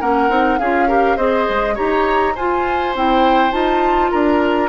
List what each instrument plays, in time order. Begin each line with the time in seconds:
0.00 bassoon A#3, clarinet C#4, oboe A#4, flute F#5
0.29 bassoon C4, clarinet D#4
0.58 bassoon C#4, clarinet F4, oboe G#4, flute F5
0.88 clarinet G4, oboe A#4
1.16 bassoon C4, clarinet G#4, oboe C5, flute D#5
1.49 bassoon G#3
1.74 bassoon D#4, clarinet G4, oboe C#5, flute A#5
2.35 bassoon F4, clarinet F4, oboe C5, flute G#5
2.95 bassoon C4, clarinet E4, flute G5
3.51 bassoon D#4, clarinet F4, flute A5
4.11 bassoon D4, oboe A#4, flute A#5